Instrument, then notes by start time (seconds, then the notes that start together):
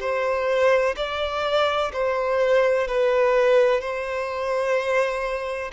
violin
0.00 C5
0.96 D5
1.93 C5
2.87 B4
3.81 C5